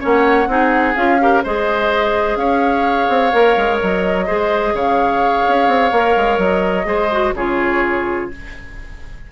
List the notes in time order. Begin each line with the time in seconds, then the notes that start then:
0.00 A#3 C#4 C#5 F#5
0.47 C4 D#4 G#4
0.96 C#4 F4 F5
1.20 G4 A#4
1.44 G#3 G#4 C5 D#5
2.36 C#4 C#5 F5
3.09 C4
3.32 A#3 A#4
3.57 G#3
3.82 F#3 D#5
4.26 G#3 G#4 C5
4.73 C#3 C#5 F5
5.48 C#4
5.67 C4
5.92 A#3 A#4
6.16 G#3
6.38 F#3 D#5
6.84 G#3 G#4 C5
7.11 F#4
7.34 C#3 F4 G#4 C#5